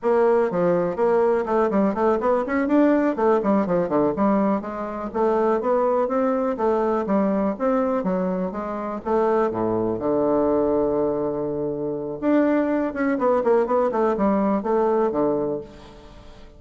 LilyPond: \new Staff \with { instrumentName = "bassoon" } { \time 4/4 \tempo 4 = 123 ais4 f4 ais4 a8 g8 | a8 b8 cis'8 d'4 a8 g8 f8 | d8 g4 gis4 a4 b8~ | b8 c'4 a4 g4 c'8~ |
c'8 fis4 gis4 a4 a,8~ | a,8 d2.~ d8~ | d4 d'4. cis'8 b8 ais8 | b8 a8 g4 a4 d4 | }